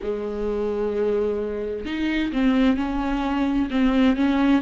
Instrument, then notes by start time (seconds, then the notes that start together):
viola
0.02 G#3
1.85 D#4
2.32 C4
2.77 C#4
3.70 C4
4.16 C#4